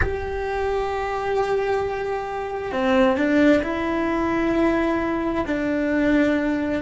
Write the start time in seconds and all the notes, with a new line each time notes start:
0.01 G4
2.71 C4
3.17 D4
3.62 E4
5.46 D4